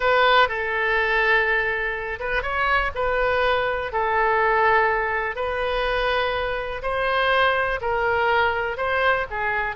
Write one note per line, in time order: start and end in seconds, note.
0.00 0.48 B4
0.48 2.19 A4
2.19 2.42 B4
2.42 2.91 C#5
2.94 3.92 B4
3.92 5.35 A4
5.35 6.82 B4
6.82 7.79 C5
7.81 8.77 A#4
8.77 9.25 C5
9.30 9.76 G#4